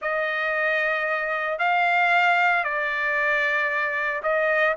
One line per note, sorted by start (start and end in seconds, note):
0.01 1.58 D#5
1.58 2.64 F5
2.64 4.22 D5
4.22 4.75 D#5